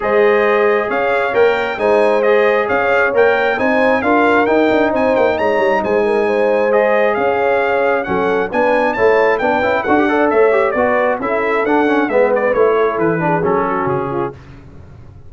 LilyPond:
<<
  \new Staff \with { instrumentName = "trumpet" } { \time 4/4 \tempo 4 = 134 dis''2 f''4 g''4 | gis''4 dis''4 f''4 g''4 | gis''4 f''4 g''4 gis''8 g''8 | ais''4 gis''2 dis''4 |
f''2 fis''4 gis''4 | a''4 g''4 fis''4 e''4 | d''4 e''4 fis''4 e''8 d''8 | cis''4 b'4 a'4 gis'4 | }
  \new Staff \with { instrumentName = "horn" } { \time 4/4 c''2 cis''2 | c''2 cis''2 | c''4 ais'2 c''4 | cis''4 c''8 ais'8 c''2 |
cis''2 a'4 b'4 | cis''4 b'4 a'8 d''8 cis''4 | b'4 a'2 b'4~ | b'8 a'4 gis'4 fis'4 f'8 | }
  \new Staff \with { instrumentName = "trombone" } { \time 4/4 gis'2. ais'4 | dis'4 gis'2 ais'4 | dis'4 f'4 dis'2~ | dis'2. gis'4~ |
gis'2 cis'4 d'4 | e'4 d'8 e'8 fis'16 g'16 a'4 g'8 | fis'4 e'4 d'8 cis'8 b4 | e'4. d'8 cis'2 | }
  \new Staff \with { instrumentName = "tuba" } { \time 4/4 gis2 cis'4 ais4 | gis2 cis'4 ais4 | c'4 d'4 dis'8 d'8 c'8 ais8 | gis8 g8 gis2. |
cis'2 fis4 b4 | a4 b8 cis'8 d'4 a4 | b4 cis'4 d'4 gis4 | a4 e4 fis4 cis4 | }
>>